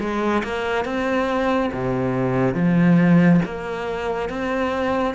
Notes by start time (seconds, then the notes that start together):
0.00 G#3
0.43 A#3
0.85 C4
1.73 C3
2.54 F3
3.45 A#3
4.29 C4